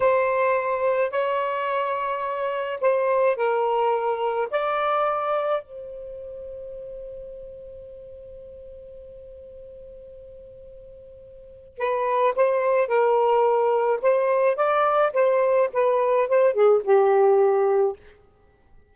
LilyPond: \new Staff \with { instrumentName = "saxophone" } { \time 4/4 \tempo 4 = 107 c''2 cis''2~ | cis''4 c''4 ais'2 | d''2 c''2~ | c''1~ |
c''1~ | c''4 b'4 c''4 ais'4~ | ais'4 c''4 d''4 c''4 | b'4 c''8 gis'8 g'2 | }